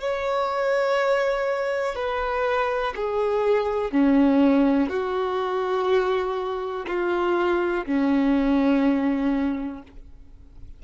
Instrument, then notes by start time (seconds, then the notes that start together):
violin
0.00 C#5
1.95 B4
2.96 G#4
3.91 C#4
4.89 F#4
6.87 F4
7.86 C#4